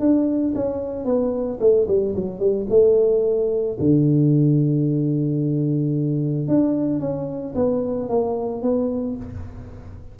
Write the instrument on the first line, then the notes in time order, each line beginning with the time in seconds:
tuba
0.00 D4
0.55 C#4
1.05 B3
1.60 A3
1.88 G3
2.15 F#3
2.39 G3
2.70 A3
3.80 D3
6.48 D4
7.00 C#4
7.55 B3
8.09 A#3
8.62 B3